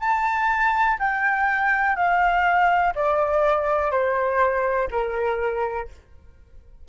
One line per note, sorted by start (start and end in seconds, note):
0.00 0.98 A5
0.99 1.96 G5
1.96 2.94 F5
2.96 3.91 D5
3.91 4.89 C5
4.91 5.89 A#4